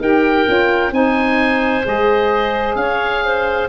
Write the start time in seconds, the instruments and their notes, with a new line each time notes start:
0.00 tuba D#4, saxophone G4, clarinet A#4, oboe G5
0.46 tuba C#4, saxophone F4
0.91 tuba C4, saxophone D#4, clarinet C5, oboe G#5
1.84 tuba G#3, saxophone G#4, oboe D#5
2.76 tuba C#4, clarinet C#5, oboe F5
3.25 clarinet C5